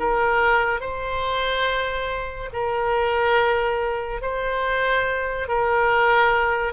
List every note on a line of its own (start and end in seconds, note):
0.00 0.81 A#4
0.81 2.50 C5
2.53 4.22 A#4
4.22 5.48 C5
5.48 6.73 A#4